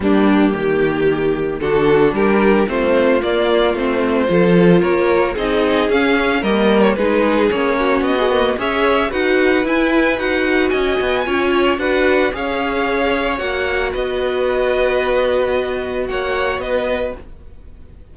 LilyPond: <<
  \new Staff \with { instrumentName = "violin" } { \time 4/4 \tempo 4 = 112 g'2. a'4 | ais'4 c''4 d''4 c''4~ | c''4 cis''4 dis''4 f''4 | dis''8. cis''16 b'4 cis''4 dis''4 |
e''4 fis''4 gis''4 fis''4 | gis''2 fis''4 f''4~ | f''4 fis''4 dis''2~ | dis''2 fis''4 dis''4 | }
  \new Staff \with { instrumentName = "violin" } { \time 4/4 d'4 g'2 fis'4 | g'4 f'2. | a'4 ais'4 gis'2 | ais'4 gis'4. fis'4. |
cis''4 b'2. | dis''4 cis''4 b'4 cis''4~ | cis''2 b'2~ | b'2 cis''4 b'4 | }
  \new Staff \with { instrumentName = "viola" } { \time 4/4 ais2. d'4~ | d'4 c'4 ais4 c'4 | f'2 dis'4 cis'4 | ais4 dis'4 cis'4~ cis'16 gis'16 ais8 |
gis'4 fis'4 e'4 fis'4~ | fis'4 f'4 fis'4 gis'4~ | gis'4 fis'2.~ | fis'1 | }
  \new Staff \with { instrumentName = "cello" } { \time 4/4 g4 dis2 d4 | g4 a4 ais4 a4 | f4 ais4 c'4 cis'4 | g4 gis4 ais4 b4 |
cis'4 dis'4 e'4 dis'4 | cis'8 b8 cis'4 d'4 cis'4~ | cis'4 ais4 b2~ | b2 ais4 b4 | }
>>